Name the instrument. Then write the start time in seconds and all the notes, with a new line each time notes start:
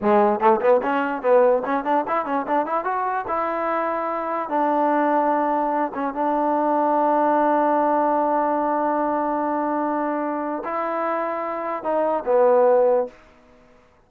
trombone
0.01 G#3
0.40 A3
0.60 B3
0.82 C#4
1.21 B3
1.65 C#4
1.84 D4
2.07 E4
2.25 C#4
2.47 D4
2.65 E4
2.84 F#4
3.27 E4
4.49 D4
5.94 C#4
6.14 D4
10.64 E4
11.83 D#4
12.25 B3